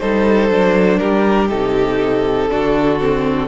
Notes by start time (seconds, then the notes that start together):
0.00 G3 D#4 A4 C5
0.50 F#3 D4
0.99 G3 G4 A#4
1.49 C3 D#4 A4
2.50 D3 D4 F#4
3.00 C4